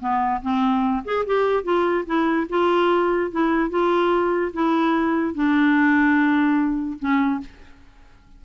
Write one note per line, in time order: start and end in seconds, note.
0.00 0.41 B3
0.42 1.03 C4
1.05 1.25 G#4
1.26 1.64 G4
1.64 2.05 F4
2.06 2.47 E4
2.49 3.31 F4
3.31 3.70 E4
3.70 4.52 F4
4.53 5.34 E4
5.34 6.99 D4
6.99 7.40 C#4